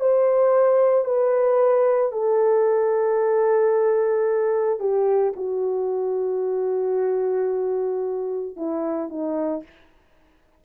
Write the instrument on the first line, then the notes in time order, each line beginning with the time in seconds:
horn
0.00 C5
1.05 B4
2.12 A4
4.79 G4
5.36 F#4
8.56 E4
9.09 D#4